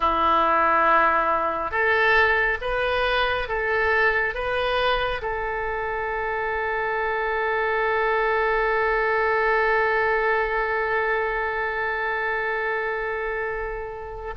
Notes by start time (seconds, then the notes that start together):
0.00 E4
1.71 A4
2.61 B4
3.48 A4
4.34 B4
5.21 A4